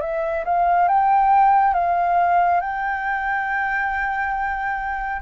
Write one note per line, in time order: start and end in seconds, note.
0.00 0.43 E5
0.44 0.88 F5
0.88 1.74 G5
1.74 2.60 F5
2.60 5.21 G5